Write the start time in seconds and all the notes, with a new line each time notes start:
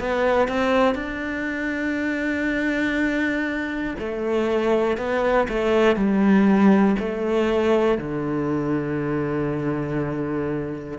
0.00 B3
0.49 C4
0.95 D4
3.99 A3
4.98 B3
5.49 A3
5.96 G3
6.99 A3
7.98 D3